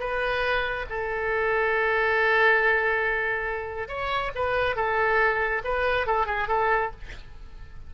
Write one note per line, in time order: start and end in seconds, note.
0.00 0.86 B4
0.90 3.89 A4
3.89 4.32 C#5
4.35 4.76 B4
4.76 5.63 A4
5.64 6.07 B4
6.07 6.26 A4
6.26 6.48 G#4
6.48 6.91 A4